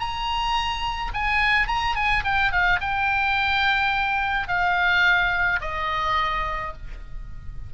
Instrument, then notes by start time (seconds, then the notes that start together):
oboe
0.00 A#5
1.14 G#5
1.68 A#5
1.95 G#5
2.24 G5
2.52 F5
2.81 G5
4.48 F5
5.61 D#5